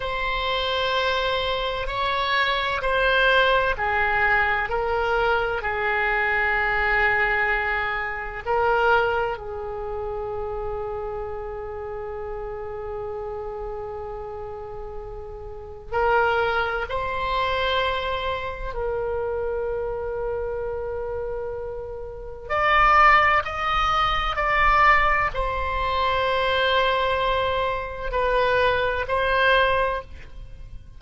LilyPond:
\new Staff \with { instrumentName = "oboe" } { \time 4/4 \tempo 4 = 64 c''2 cis''4 c''4 | gis'4 ais'4 gis'2~ | gis'4 ais'4 gis'2~ | gis'1~ |
gis'4 ais'4 c''2 | ais'1 | d''4 dis''4 d''4 c''4~ | c''2 b'4 c''4 | }